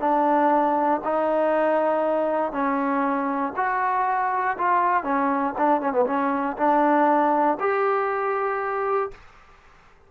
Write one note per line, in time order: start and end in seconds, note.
0.00 1.01 D4
1.04 2.52 D#4
2.52 3.53 C#4
3.56 4.57 F#4
4.58 5.04 F4
5.04 5.54 C#4
5.58 5.81 D4
5.81 5.92 C#4
5.92 6.05 B3
6.06 6.57 C#4
6.57 7.57 D4
7.60 9.11 G4